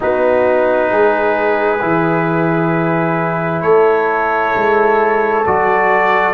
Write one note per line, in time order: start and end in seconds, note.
0.00 0.91 B3
0.00 1.79 D#4
0.00 0.90 F#4
0.00 3.62 B4
0.90 1.81 G#3
0.90 3.63 G#4
1.80 3.62 E3
1.80 5.44 E4
3.62 4.53 A3
3.62 6.33 A4
3.62 5.44 C#5
4.55 5.46 G#3
5.46 6.33 F#3
5.46 6.33 F#4
5.46 6.33 D5